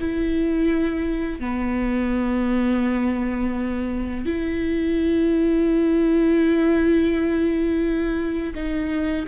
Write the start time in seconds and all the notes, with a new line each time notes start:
0.00 E4
1.40 B3
4.25 E4
8.55 D#4